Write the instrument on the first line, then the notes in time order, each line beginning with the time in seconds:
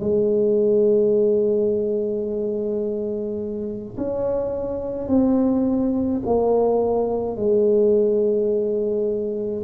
tuba
0.00 G#3
3.97 C#4
5.08 C4
6.25 A#3
7.36 G#3